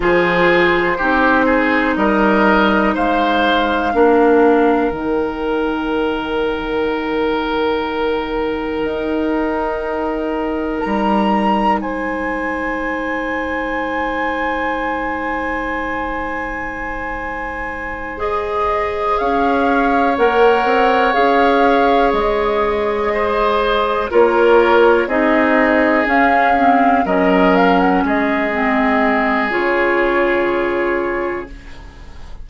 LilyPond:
<<
  \new Staff \with { instrumentName = "flute" } { \time 4/4 \tempo 4 = 61 c''2 dis''4 f''4~ | f''4 g''2.~ | g''2. ais''4 | gis''1~ |
gis''2~ gis''8 dis''4 f''8~ | f''8 fis''4 f''4 dis''4.~ | dis''8 cis''4 dis''4 f''4 dis''8 | f''16 fis''16 dis''4. cis''2 | }
  \new Staff \with { instrumentName = "oboe" } { \time 4/4 gis'4 g'8 gis'8 ais'4 c''4 | ais'1~ | ais'1 | c''1~ |
c''2.~ c''8 cis''8~ | cis''2.~ cis''8 c''8~ | c''8 ais'4 gis'2 ais'8~ | ais'8 gis'2.~ gis'8 | }
  \new Staff \with { instrumentName = "clarinet" } { \time 4/4 f'4 dis'2. | d'4 dis'2.~ | dis'1~ | dis'1~ |
dis'2~ dis'8 gis'4.~ | gis'8 ais'4 gis'2~ gis'8~ | gis'8 f'4 dis'4 cis'8 c'8 cis'8~ | cis'4 c'4 f'2 | }
  \new Staff \with { instrumentName = "bassoon" } { \time 4/4 f4 c'4 g4 gis4 | ais4 dis2.~ | dis4 dis'2 g4 | gis1~ |
gis2.~ gis8 cis'8~ | cis'8 ais8 c'8 cis'4 gis4.~ | gis8 ais4 c'4 cis'4 fis8~ | fis8 gis4. cis2 | }
>>